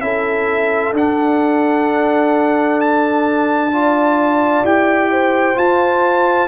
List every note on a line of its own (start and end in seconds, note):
0.00 0.92 C#4
0.00 0.93 E4
0.00 3.72 A4
0.00 0.93 E5
0.92 4.61 D4
0.92 3.71 D4
0.92 2.80 F#5
2.80 4.65 A5
3.72 4.64 F4
3.72 5.11 D5
4.63 5.55 E4
4.63 5.55 G4
4.63 5.57 G5
5.11 6.48 C5
5.55 6.47 F4
5.55 6.48 F4
5.55 6.48 A5